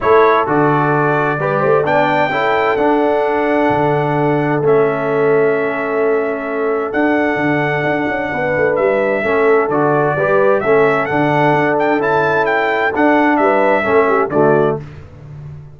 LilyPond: <<
  \new Staff \with { instrumentName = "trumpet" } { \time 4/4 \tempo 4 = 130 cis''4 d''2. | g''2 fis''2~ | fis''2 e''2~ | e''2. fis''4~ |
fis''2. e''4~ | e''4 d''2 e''4 | fis''4. g''8 a''4 g''4 | fis''4 e''2 d''4 | }
  \new Staff \with { instrumentName = "horn" } { \time 4/4 a'2. b'8 c''8 | d''4 a'2.~ | a'1~ | a'1~ |
a'2 b'2 | a'2 b'4 a'4~ | a'1~ | a'4 b'4 a'8 g'8 fis'4 | }
  \new Staff \with { instrumentName = "trombone" } { \time 4/4 e'4 fis'2 g'4 | d'4 e'4 d'2~ | d'2 cis'2~ | cis'2. d'4~ |
d'1 | cis'4 fis'4 g'4 cis'4 | d'2 e'2 | d'2 cis'4 a4 | }
  \new Staff \with { instrumentName = "tuba" } { \time 4/4 a4 d2 g8 a8 | b4 cis'4 d'2 | d2 a2~ | a2. d'4 |
d4 d'8 cis'8 b8 a8 g4 | a4 d4 g4 a4 | d4 d'4 cis'2 | d'4 g4 a4 d4 | }
>>